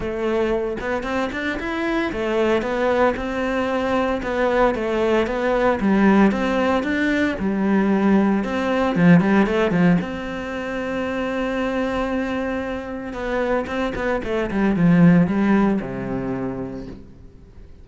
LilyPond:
\new Staff \with { instrumentName = "cello" } { \time 4/4 \tempo 4 = 114 a4. b8 c'8 d'8 e'4 | a4 b4 c'2 | b4 a4 b4 g4 | c'4 d'4 g2 |
c'4 f8 g8 a8 f8 c'4~ | c'1~ | c'4 b4 c'8 b8 a8 g8 | f4 g4 c2 | }